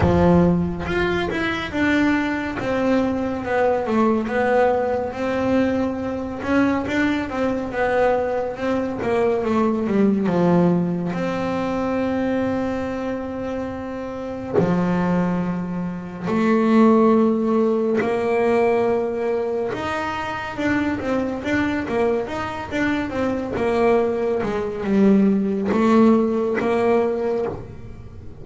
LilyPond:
\new Staff \with { instrumentName = "double bass" } { \time 4/4 \tempo 4 = 70 f4 f'8 e'8 d'4 c'4 | b8 a8 b4 c'4. cis'8 | d'8 c'8 b4 c'8 ais8 a8 g8 | f4 c'2.~ |
c'4 f2 a4~ | a4 ais2 dis'4 | d'8 c'8 d'8 ais8 dis'8 d'8 c'8 ais8~ | ais8 gis8 g4 a4 ais4 | }